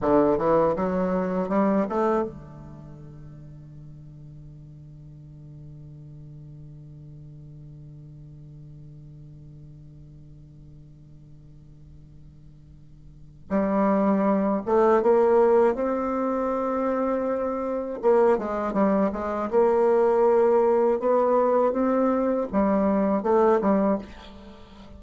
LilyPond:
\new Staff \with { instrumentName = "bassoon" } { \time 4/4 \tempo 4 = 80 d8 e8 fis4 g8 a8 d4~ | d1~ | d1~ | d1~ |
d2 g4. a8 | ais4 c'2. | ais8 gis8 g8 gis8 ais2 | b4 c'4 g4 a8 g8 | }